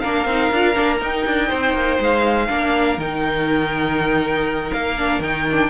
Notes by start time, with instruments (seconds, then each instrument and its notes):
0.00 cello A#3, viola D4, violin A#4 F5
0.26 cello C4, viola D#4
0.51 cello D4, viola F4
0.75 cello A#3, viola D4
0.99 viola D#4, cello D#4, violin G5
1.26 cello D4
1.48 cello C4, violin C5
1.74 cello A#3
2.00 cello G#3, violin F5
2.49 cello A#3, viola D4, violin A#4
2.98 cello D#3, viola D#4, violin G5
4.73 cello A#3, violin F5
4.98 viola D4
5.20 cello D#3, viola D#4, violin G5
5.52 viola D4